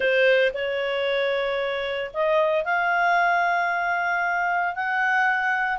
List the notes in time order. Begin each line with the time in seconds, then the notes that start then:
0.00 C5
0.53 C#5
2.13 D#5
2.64 F5
4.75 F#5